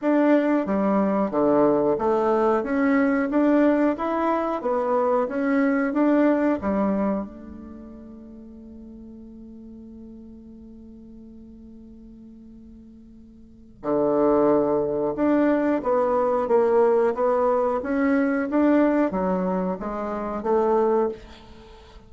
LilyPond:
\new Staff \with { instrumentName = "bassoon" } { \time 4/4 \tempo 4 = 91 d'4 g4 d4 a4 | cis'4 d'4 e'4 b4 | cis'4 d'4 g4 a4~ | a1~ |
a1~ | a4 d2 d'4 | b4 ais4 b4 cis'4 | d'4 fis4 gis4 a4 | }